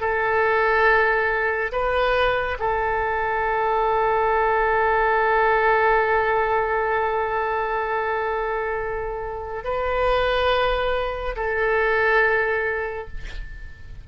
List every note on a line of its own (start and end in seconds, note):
0.00 1.71 A4
1.72 2.58 B4
2.59 9.64 A4
9.64 11.35 B4
11.36 13.07 A4